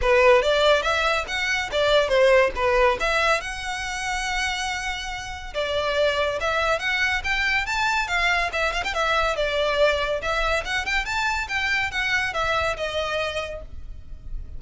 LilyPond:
\new Staff \with { instrumentName = "violin" } { \time 4/4 \tempo 4 = 141 b'4 d''4 e''4 fis''4 | d''4 c''4 b'4 e''4 | fis''1~ | fis''4 d''2 e''4 |
fis''4 g''4 a''4 f''4 | e''8 f''16 g''16 e''4 d''2 | e''4 fis''8 g''8 a''4 g''4 | fis''4 e''4 dis''2 | }